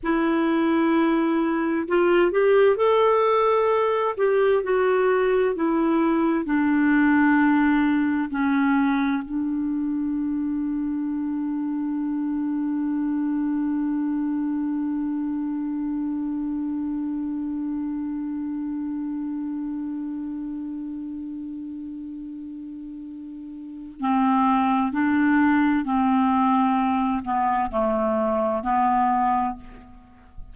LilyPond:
\new Staff \with { instrumentName = "clarinet" } { \time 4/4 \tempo 4 = 65 e'2 f'8 g'8 a'4~ | a'8 g'8 fis'4 e'4 d'4~ | d'4 cis'4 d'2~ | d'1~ |
d'1~ | d'1~ | d'2 c'4 d'4 | c'4. b8 a4 b4 | }